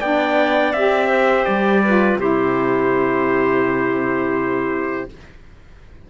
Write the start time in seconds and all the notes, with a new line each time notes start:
0.00 B3 D4 D5 G5
0.73 C4 G4 E5
1.08 C5
1.45 G3 D5
1.84 F4 B4
2.16 C3 E4 G4 C5